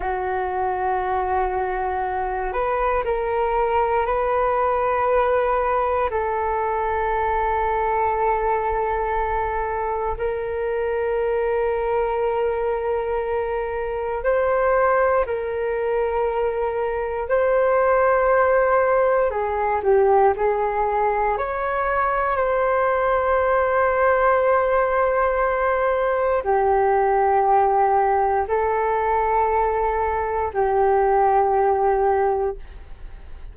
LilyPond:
\new Staff \with { instrumentName = "flute" } { \time 4/4 \tempo 4 = 59 fis'2~ fis'8 b'8 ais'4 | b'2 a'2~ | a'2 ais'2~ | ais'2 c''4 ais'4~ |
ais'4 c''2 gis'8 g'8 | gis'4 cis''4 c''2~ | c''2 g'2 | a'2 g'2 | }